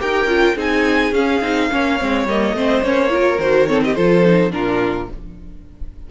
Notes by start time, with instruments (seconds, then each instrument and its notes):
0.00 cello D#4, viola G4, violin A#4 G5
0.25 cello C#4, viola F4
0.56 cello C4, viola D#4, violin G#4 G#5
1.12 cello C#4, viola C#4, violin F5
1.41 cello C4, viola D#4
1.71 cello A#3, viola C#4, violin C#5
1.99 cello G#3, viola C4
2.26 cello G3, viola A#3, violin D#5
2.53 cello A3, viola C4, violin C5
2.83 cello A#3, viola C#4, violin C#5
3.09 viola F4, violin A#4
3.39 cello D#3, viola F#4, violin C5
3.67 viola C4, violin A4 C#5
3.85 violin G4 D#5
3.95 cello F3, viola F4, violin A4 C5
4.25 viola D#4
4.51 cello A#2, viola D4, violin F4 A#4